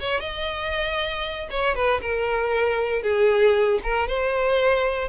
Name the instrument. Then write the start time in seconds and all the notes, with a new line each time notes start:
violin
0.00 C#5
0.20 D#5
1.51 C#5
1.75 B4
2.01 A#4
3.03 G#4
3.83 A#4
4.08 C5